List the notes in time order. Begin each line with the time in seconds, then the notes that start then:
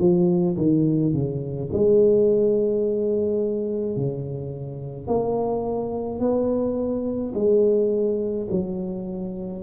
0.00 F3
0.57 D#3
1.13 C#3
1.73 G#3
3.97 C#3
5.07 A#3
6.20 B3
7.34 G#3
8.51 F#3